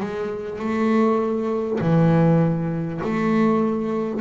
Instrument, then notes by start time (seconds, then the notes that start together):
double bass
0.00 G#3
0.59 A3
1.81 E3
3.04 A3